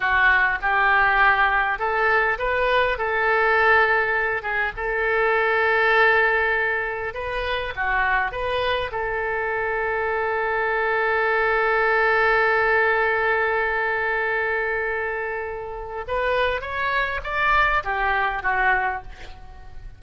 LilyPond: \new Staff \with { instrumentName = "oboe" } { \time 4/4 \tempo 4 = 101 fis'4 g'2 a'4 | b'4 a'2~ a'8 gis'8 | a'1 | b'4 fis'4 b'4 a'4~ |
a'1~ | a'1~ | a'2. b'4 | cis''4 d''4 g'4 fis'4 | }